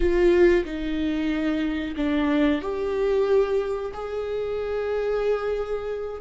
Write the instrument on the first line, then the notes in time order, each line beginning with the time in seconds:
viola
0.00 F4
0.64 D#4
1.96 D4
2.61 G4
3.93 G#4